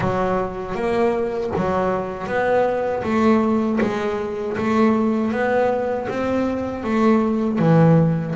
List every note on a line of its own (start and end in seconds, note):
0.00 0.74 F#3
0.74 1.50 A#3
1.56 2.26 F#3
2.26 3.02 B3
3.03 3.79 A3
3.80 4.56 G#3
4.57 5.31 A3
5.31 6.07 B3
6.09 6.83 C4
6.83 7.58 A3
7.58 8.34 E3